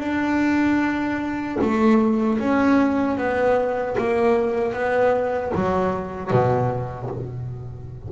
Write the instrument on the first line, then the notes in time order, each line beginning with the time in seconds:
double bass
0.00 D4
1.61 A3
2.39 C#4
3.18 B3
3.98 A#3
4.73 B3
5.55 F#3
6.31 B2